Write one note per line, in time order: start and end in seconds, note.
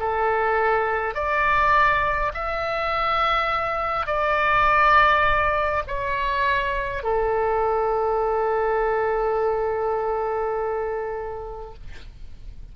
0.00 1.14 A4
1.14 2.32 D5
2.34 4.06 E5
4.06 5.83 D5
5.87 7.03 C#5
7.03 11.74 A4